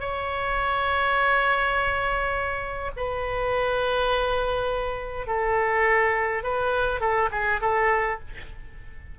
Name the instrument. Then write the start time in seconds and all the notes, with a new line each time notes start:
oboe
0.00 C#5
2.97 B4
5.27 A4
6.43 B4
7.00 A4
7.31 G#4
7.61 A4